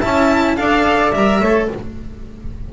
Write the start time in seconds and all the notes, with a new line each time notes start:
0.00 C#4 E4 E5 A5
0.57 D4 A4 D5 F5
1.12 G3 A#4 E5
1.41 A3 A4 C#5